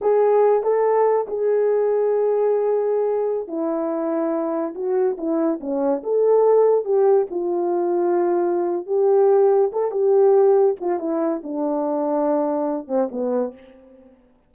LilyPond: \new Staff \with { instrumentName = "horn" } { \time 4/4 \tempo 4 = 142 gis'4. a'4. gis'4~ | gis'1~ | gis'16 e'2. fis'8.~ | fis'16 e'4 cis'4 a'4.~ a'16~ |
a'16 g'4 f'2~ f'8.~ | f'4 g'2 a'8 g'8~ | g'4. f'8 e'4 d'4~ | d'2~ d'8 c'8 b4 | }